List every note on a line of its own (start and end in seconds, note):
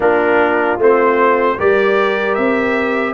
0.00 0.78 A#3
0.00 0.79 D4
0.00 1.56 F4
0.00 0.79 A#4
0.78 1.57 A3
0.78 1.57 C4
0.78 1.59 C5
1.57 2.37 G3
1.57 3.13 G4
1.57 3.13 A#4
1.57 2.34 D5
2.34 3.13 C4
2.34 3.13 E5